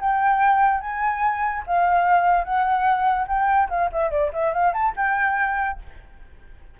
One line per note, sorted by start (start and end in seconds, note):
0.00 0.80 G5
0.80 1.63 G#5
1.66 2.44 F5
2.44 3.27 F#5
3.27 3.69 G5
3.69 3.90 F5
3.92 4.10 E5
4.10 4.31 D5
4.33 4.53 E5
4.53 4.73 F5
4.73 4.94 A5
4.96 5.79 G5